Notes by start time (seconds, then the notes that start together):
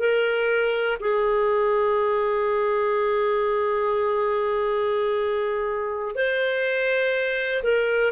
0.00 A#4
1.01 G#4
6.16 C5
7.64 A#4